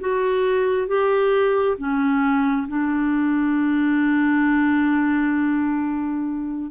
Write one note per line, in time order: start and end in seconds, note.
0.00 0.88 F#4
0.88 1.77 G4
1.78 2.67 C#4
2.68 6.71 D4